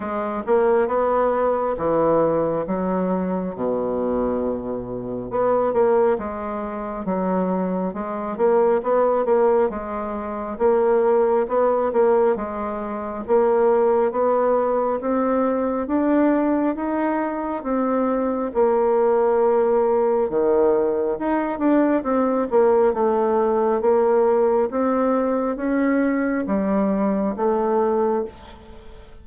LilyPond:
\new Staff \with { instrumentName = "bassoon" } { \time 4/4 \tempo 4 = 68 gis8 ais8 b4 e4 fis4 | b,2 b8 ais8 gis4 | fis4 gis8 ais8 b8 ais8 gis4 | ais4 b8 ais8 gis4 ais4 |
b4 c'4 d'4 dis'4 | c'4 ais2 dis4 | dis'8 d'8 c'8 ais8 a4 ais4 | c'4 cis'4 g4 a4 | }